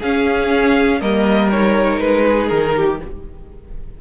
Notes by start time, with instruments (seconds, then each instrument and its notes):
0.00 cello C#4, viola C#4, violin G#4 F5
1.01 cello G3, viola A#3, violin A#4 D#5
1.51 viola D#4, violin C#5
2.00 cello G#3, violin B4
2.26 violin G#4
2.48 cello D#3, violin A#4
2.76 violin G4